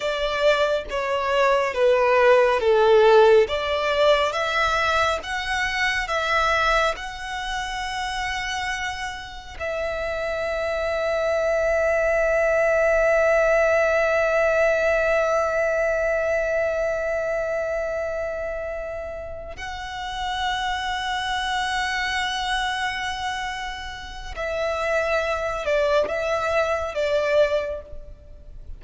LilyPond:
\new Staff \with { instrumentName = "violin" } { \time 4/4 \tempo 4 = 69 d''4 cis''4 b'4 a'4 | d''4 e''4 fis''4 e''4 | fis''2. e''4~ | e''1~ |
e''1~ | e''2~ e''8 fis''4.~ | fis''1 | e''4. d''8 e''4 d''4 | }